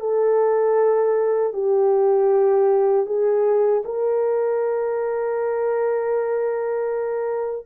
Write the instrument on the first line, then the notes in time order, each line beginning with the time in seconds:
horn
0.00 A4
1.53 G4
3.06 G#4
3.85 A#4